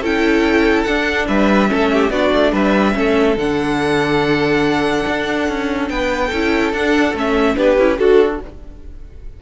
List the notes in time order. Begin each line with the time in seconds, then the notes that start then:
0.00 C#4 E4 A4 G5
0.84 D4 F#5
1.28 G3 B4 E5
1.68 A3 C#4 A4
1.93 G4
2.10 B3 D4 F#4 D5
2.32 A3
2.52 G3 B4 E5
2.94 A3 C#4 A4
3.37 D3 D4 F#5
5.06 D4
5.48 C#4
5.89 B3 B4 G5
6.27 C#4 A4
6.34 E4
6.72 D4 F#5
7.14 A3 C#4 E5
7.56 B3 D4 G4 B4
7.78 C#4 E4
7.97 D4 F#4 A4